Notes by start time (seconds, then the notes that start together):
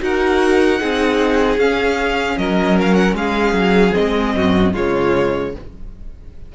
0.00 D#4 F#4 A#4 F#5
0.79 C4 D#4 G#4
1.58 C#4 F5
2.38 F#3 A#4 D#5
2.81 F5
2.94 F#5
3.15 G#3 G#4 F5
3.54 F#3
3.93 C4 D#5
4.00 G#3
4.36 F#2 F#4
4.74 C#3 G#3 F4 C#5